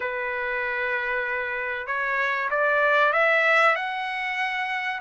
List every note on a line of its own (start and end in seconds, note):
0.00 1.86 B4
1.86 2.49 C#5
2.50 3.12 D5
3.12 3.75 E5
3.75 5.00 F#5